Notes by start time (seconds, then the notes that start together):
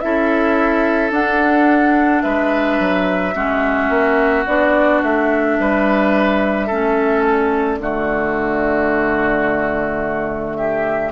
0.00 C#4 E4 A4 E5
1.11 D4 F#5
2.23 G#3 B4 E5
2.80 F#3
3.35 G#3 C#4 F#4
3.90 A#3
4.47 B3 D4 D5
5.03 A3 E5
5.59 G3 B4
6.67 A3 C#4 A4
7.25 D5
7.78 D3 A3 F#4
10.56 G4 E5